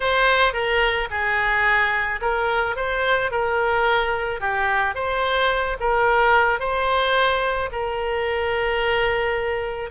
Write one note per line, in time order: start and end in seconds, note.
0.00 0.53 C5
0.53 1.08 A#4
1.10 2.20 G#4
2.21 2.75 A#4
2.75 3.31 C5
3.31 4.40 A#4
4.40 4.94 G4
4.94 5.77 C5
5.80 6.59 A#4
6.59 7.69 C5
7.72 9.90 A#4